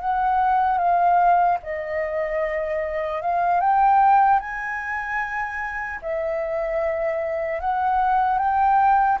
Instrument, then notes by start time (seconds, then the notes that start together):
flute
0.00 F#5
0.77 F5
1.63 D#5
3.21 F5
3.60 G5
4.39 G#5
6.02 E5
7.60 F#5
8.38 G5